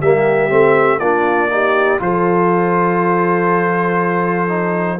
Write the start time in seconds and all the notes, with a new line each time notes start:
0.00 G3 A#3 G4 E5
0.49 A3 C4
0.99 A#3 D4 F4 D5
1.50 D#4 G4
2.00 F3 F4 A4 C5
4.48 D#4